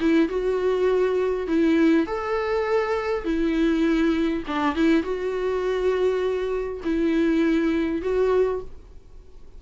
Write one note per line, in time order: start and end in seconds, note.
0.00 0.29 E4
0.29 1.47 F#4
1.47 2.07 E4
2.07 3.25 A4
3.25 4.43 E4
4.47 4.76 D4
4.76 5.03 E4
5.03 6.81 F#4
6.84 8.02 E4
8.02 8.61 F#4